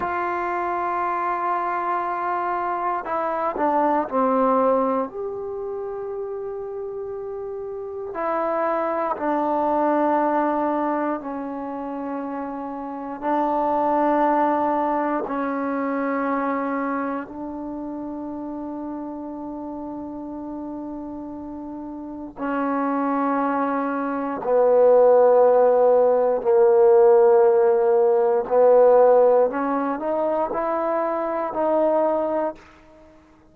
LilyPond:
\new Staff \with { instrumentName = "trombone" } { \time 4/4 \tempo 4 = 59 f'2. e'8 d'8 | c'4 g'2. | e'4 d'2 cis'4~ | cis'4 d'2 cis'4~ |
cis'4 d'2.~ | d'2 cis'2 | b2 ais2 | b4 cis'8 dis'8 e'4 dis'4 | }